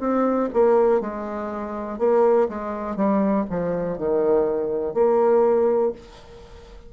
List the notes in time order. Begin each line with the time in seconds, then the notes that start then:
0.00 C4
0.54 A#3
1.01 G#3
1.99 A#3
2.49 G#3
2.96 G3
3.50 F3
3.98 D#3
4.94 A#3